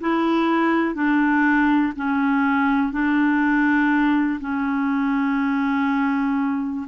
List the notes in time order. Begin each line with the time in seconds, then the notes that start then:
0.00 E4
0.94 D4
1.95 C#4
2.92 D4
4.40 C#4